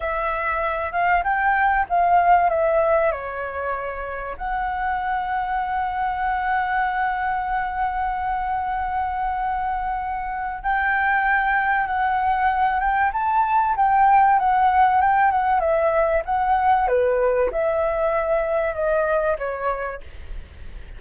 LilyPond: \new Staff \with { instrumentName = "flute" } { \time 4/4 \tempo 4 = 96 e''4. f''8 g''4 f''4 | e''4 cis''2 fis''4~ | fis''1~ | fis''1~ |
fis''4 g''2 fis''4~ | fis''8 g''8 a''4 g''4 fis''4 | g''8 fis''8 e''4 fis''4 b'4 | e''2 dis''4 cis''4 | }